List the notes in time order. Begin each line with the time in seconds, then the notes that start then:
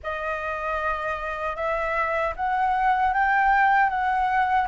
0.03 D#5
1.55 E5
2.36 F#5
3.13 G5
3.89 F#5